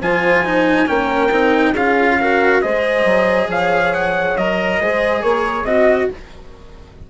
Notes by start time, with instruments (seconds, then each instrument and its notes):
0.00 bassoon F3, cello F4, horn C5, trumpet G#5
0.45 cello D#4
0.87 bassoon A#3, cello C#4, horn A#4, trumpet G5
1.31 bassoon C4, cello D#4
1.71 bassoon C#4, cello F4, horn G#4, trumpet F5
2.21 cello F#4, horn A#4
2.61 bassoon G#3, cello G#4, horn C5, trumpet D#5
3.05 bassoon F#3
3.48 bassoon F3, horn C#5, trumpet F5
3.94 trumpet F#5
4.37 bassoon F#3, cello A#4, trumpet D#5
4.80 bassoon G#3, cello G#4, horn C5
5.22 bassoon A#3, horn A#4, trumpet C#5
5.64 bassoon C4, cello F#4, horn D#5, trumpet D#5